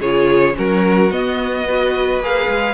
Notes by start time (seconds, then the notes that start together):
0.00 C#3 F4 G#4 C#5
0.54 F#3 C#4 F#4 A#4
1.11 B3 D#5
1.67 F#4 B4
2.20 A#3 G#4 F5
2.48 G#3